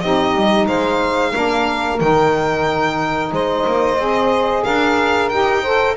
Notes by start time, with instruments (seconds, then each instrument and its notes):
0.00 double bass C4, saxophone D#4 G4, violin D#5
0.34 double bass G3
0.66 double bass G#3, saxophone C5, violin F5
1.31 double bass A#3, saxophone D4 A#4
1.98 double bass D#3, saxophone D#4, violin G5
3.31 double bass G#3, saxophone C5, violin D#5
3.66 double bass A#3
3.97 double bass C4, saxophone G#4
4.63 double bass D4, saxophone A#4, violin F5
5.29 double bass D#4, saxophone G4, violin G5
5.61 saxophone A4 C5